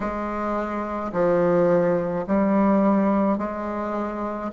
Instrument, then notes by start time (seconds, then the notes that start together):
bassoon
0.00 G#3
1.12 F3
2.26 G3
3.38 G#3